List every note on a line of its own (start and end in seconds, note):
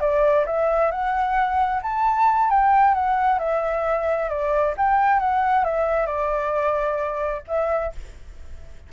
0.00 0.45 D5
0.46 0.91 E5
0.91 1.81 F#5
1.82 2.50 A5
2.50 2.94 G5
2.94 3.39 F#5
3.39 4.29 E5
4.29 4.74 D5
4.77 5.19 G5
5.19 5.64 F#5
5.64 6.06 E5
6.06 7.42 D5
7.47 7.92 E5